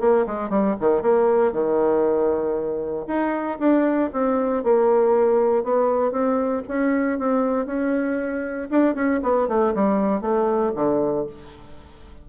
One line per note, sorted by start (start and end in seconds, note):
0.00 0.26 A#3
0.27 0.50 G#3
0.50 0.76 G3
0.80 1.02 D#3
1.02 1.52 A#3
1.52 3.06 D#3
3.07 3.58 D#4
3.59 4.10 D4
4.13 4.64 C4
4.64 5.64 A#3
5.64 6.12 B3
6.12 6.63 C4
6.68 7.19 C#4
7.19 7.66 C4
7.66 8.69 C#4
8.70 8.95 D4
8.95 9.20 C#4
9.23 9.48 B3
9.48 9.74 A3
9.75 10.21 G3
10.21 10.72 A3
10.75 11.27 D3